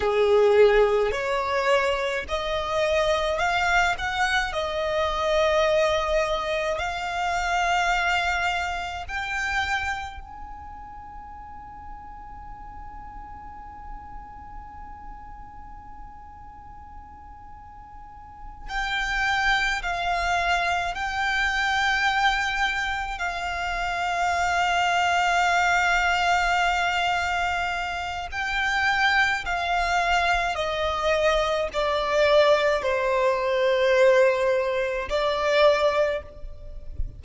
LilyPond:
\new Staff \with { instrumentName = "violin" } { \time 4/4 \tempo 4 = 53 gis'4 cis''4 dis''4 f''8 fis''8 | dis''2 f''2 | g''4 gis''2.~ | gis''1~ |
gis''8 g''4 f''4 g''4.~ | g''8 f''2.~ f''8~ | f''4 g''4 f''4 dis''4 | d''4 c''2 d''4 | }